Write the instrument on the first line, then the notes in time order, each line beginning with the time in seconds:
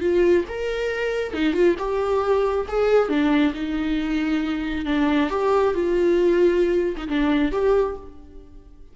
viola
0.00 F4
0.48 A#4
1.33 D#4
1.53 F4
1.78 G4
2.68 G#4
3.09 D4
3.53 D#4
4.85 D4
5.30 G4
5.74 F4
6.96 D#4
7.08 D4
7.51 G4